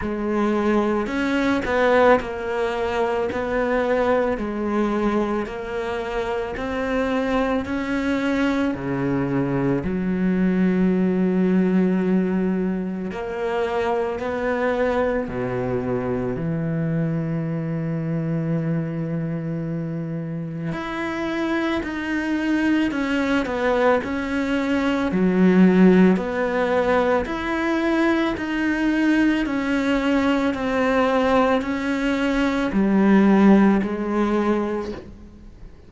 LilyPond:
\new Staff \with { instrumentName = "cello" } { \time 4/4 \tempo 4 = 55 gis4 cis'8 b8 ais4 b4 | gis4 ais4 c'4 cis'4 | cis4 fis2. | ais4 b4 b,4 e4~ |
e2. e'4 | dis'4 cis'8 b8 cis'4 fis4 | b4 e'4 dis'4 cis'4 | c'4 cis'4 g4 gis4 | }